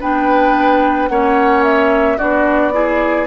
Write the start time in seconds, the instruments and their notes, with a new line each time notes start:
0.00 bassoon B3, clarinet D4, oboe B4, flute G5
1.08 bassoon A#3, clarinet C#4, oboe C#5, flute F#5
1.64 flute E5
2.17 bassoon B3, clarinet D4, oboe F#4, flute D5
2.72 clarinet E4, oboe G#4